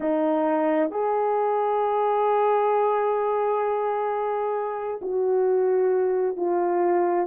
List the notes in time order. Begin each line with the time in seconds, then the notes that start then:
0.00 D#4
0.90 G#4
5.01 F#4
6.36 F4